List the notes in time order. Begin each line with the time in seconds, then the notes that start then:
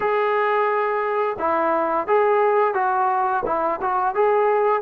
0.00 G#4
1.39 E4
2.07 G#4
2.74 F#4
3.45 E4
3.81 F#4
4.14 G#4